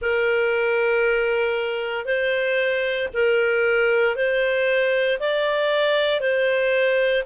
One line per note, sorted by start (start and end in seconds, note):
0.01 2.05 A#4
2.05 3.08 C5
3.13 4.15 A#4
4.15 5.19 C5
5.19 6.20 D5
6.20 7.23 C5